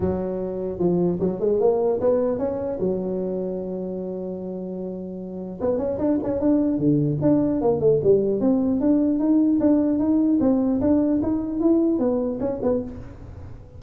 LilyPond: \new Staff \with { instrumentName = "tuba" } { \time 4/4 \tempo 4 = 150 fis2 f4 fis8 gis8 | ais4 b4 cis'4 fis4~ | fis1~ | fis2 b8 cis'8 d'8 cis'8 |
d'4 d4 d'4 ais8 a8 | g4 c'4 d'4 dis'4 | d'4 dis'4 c'4 d'4 | dis'4 e'4 b4 cis'8 b8 | }